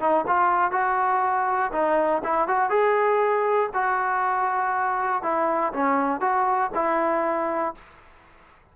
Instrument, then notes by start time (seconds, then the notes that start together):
trombone
0.00 D#4
0.27 F4
0.71 F#4
1.72 D#4
2.24 E4
2.48 F#4
2.70 G#4
3.74 F#4
5.23 E4
5.73 C#4
6.21 F#4
6.75 E4